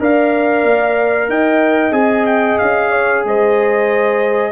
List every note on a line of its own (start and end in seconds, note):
0.00 0.64 D4
0.00 1.91 A#4
0.00 1.30 D5
0.00 1.30 F5
0.64 1.29 A#3
1.29 1.91 D#4
1.29 2.91 D#5
1.29 1.93 G5
1.91 2.57 C4
1.91 4.52 G#4
1.91 2.26 G#5
2.26 2.59 G5
2.59 3.25 C#4
2.59 3.24 F5
2.91 3.24 C#5
3.25 4.52 G#3
3.25 4.52 C5
3.25 4.52 D#5